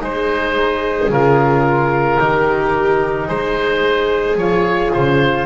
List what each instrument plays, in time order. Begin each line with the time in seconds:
0.00 double bass G#3, flute D#4, viola G#4, oboe C5
1.09 double bass C#3, flute F4, oboe A#4
2.19 double bass D#3, flute D#4, viola G4
3.27 double bass G#3, viola G#4, oboe C5
4.36 double bass F3, flute F4, oboe C#5
4.93 double bass C#3, oboe C5